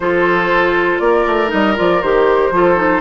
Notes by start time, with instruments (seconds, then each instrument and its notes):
0.00 bassoon F3, clarinet F4, oboe A4, flute C5
0.99 bassoon A#3, oboe A#4, flute D5
1.26 bassoon A3
1.47 bassoon G3, clarinet D#4, flute D#5
1.75 bassoon F3, clarinet F4, flute D5
2.01 bassoon D#3, clarinet G4, flute C5
2.50 bassoon F3, clarinet F4, oboe A4
2.76 clarinet D#4